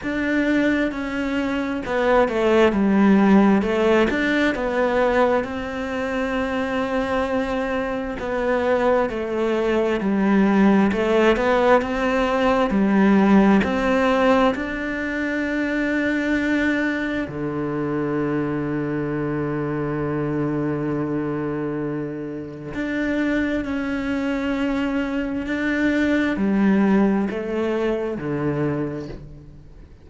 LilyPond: \new Staff \with { instrumentName = "cello" } { \time 4/4 \tempo 4 = 66 d'4 cis'4 b8 a8 g4 | a8 d'8 b4 c'2~ | c'4 b4 a4 g4 | a8 b8 c'4 g4 c'4 |
d'2. d4~ | d1~ | d4 d'4 cis'2 | d'4 g4 a4 d4 | }